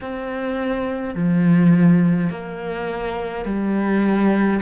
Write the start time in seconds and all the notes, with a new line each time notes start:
0.00 C4
1.14 F3
2.30 A#3
3.45 G3